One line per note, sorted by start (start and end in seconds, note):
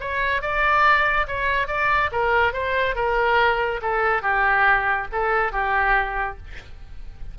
0.00 0.41 C#5
0.41 1.26 D5
1.27 1.68 C#5
1.68 2.10 D5
2.11 2.53 A#4
2.53 2.95 C5
2.95 3.80 A#4
3.82 4.22 A4
4.22 5.07 G4
5.12 5.52 A4
5.52 6.37 G4